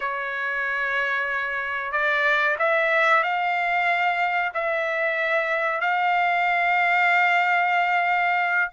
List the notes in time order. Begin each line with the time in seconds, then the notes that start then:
0.00 C#5
1.92 D5
2.58 E5
3.23 F5
4.54 E5
5.80 F5